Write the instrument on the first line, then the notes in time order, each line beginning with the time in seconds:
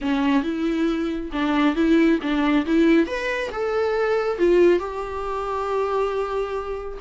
viola
0.01 C#4
0.43 E4
1.32 D4
1.75 E4
2.21 D4
2.66 E4
3.06 B4
3.51 A4
4.38 F4
4.79 G4